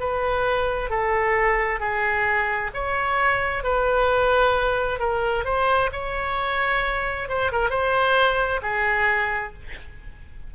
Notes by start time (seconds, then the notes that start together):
0.00 B4
0.90 A4
1.80 G#4
2.74 C#5
3.63 B4
5.00 A#4
5.45 C5
5.92 C#5
7.29 C5
7.52 A#4
7.70 C5
8.62 G#4